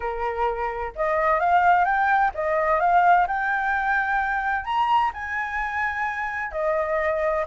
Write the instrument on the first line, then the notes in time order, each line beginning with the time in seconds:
flute
0.00 A#4
0.95 D#5
1.39 F5
1.84 G5
2.34 D#5
2.80 F5
3.27 G5
4.64 A#5
5.13 G#5
6.51 D#5